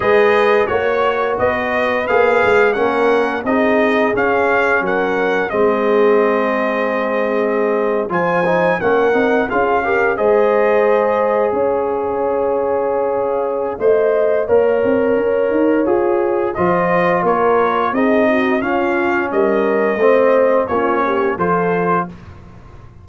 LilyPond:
<<
  \new Staff \with { instrumentName = "trumpet" } { \time 4/4 \tempo 4 = 87 dis''4 cis''4 dis''4 f''4 | fis''4 dis''4 f''4 fis''4 | dis''2.~ dis''8. gis''16~ | gis''8. fis''4 f''4 dis''4~ dis''16~ |
dis''8. f''2.~ f''16~ | f''1 | dis''4 cis''4 dis''4 f''4 | dis''2 cis''4 c''4 | }
  \new Staff \with { instrumentName = "horn" } { \time 4/4 b'4 cis''4 b'2 | ais'4 gis'2 ais'4 | gis'2.~ gis'8. c''16~ | c''8. ais'4 gis'8 ais'8 c''4~ c''16~ |
c''8. cis''2.~ cis''16 | dis''4 cis''2. | c''4 ais'4 gis'8 fis'8 f'4 | ais'4 c''4 f'8 g'8 a'4 | }
  \new Staff \with { instrumentName = "trombone" } { \time 4/4 gis'4 fis'2 gis'4 | cis'4 dis'4 cis'2 | c'2.~ c'8. f'16~ | f'16 dis'8 cis'8 dis'8 f'8 g'8 gis'4~ gis'16~ |
gis'1 | c''4 ais'2 gis'4 | f'2 dis'4 cis'4~ | cis'4 c'4 cis'4 f'4 | }
  \new Staff \with { instrumentName = "tuba" } { \time 4/4 gis4 ais4 b4 ais8 gis8 | ais4 c'4 cis'4 fis4 | gis2.~ gis8. f16~ | f8. ais8 c'8 cis'4 gis4~ gis16~ |
gis8. cis'2.~ cis'16 | a4 ais8 c'8 cis'8 dis'8 f'4 | f4 ais4 c'4 cis'4 | g4 a4 ais4 f4 | }
>>